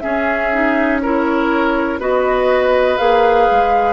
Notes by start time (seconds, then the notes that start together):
0.00 C#4 G#4 E5
0.53 D#4
1.01 E4 A#4 C#5
1.99 B3 F#4 B4 D#5
2.98 A#3 G#4 F5
3.51 G#3